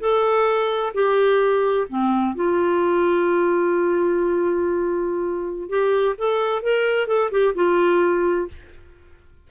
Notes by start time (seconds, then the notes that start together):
0.00 A4
0.94 G4
1.89 C4
2.36 F4
5.69 G4
6.18 A4
6.63 A#4
7.07 A4
7.31 G4
7.55 F4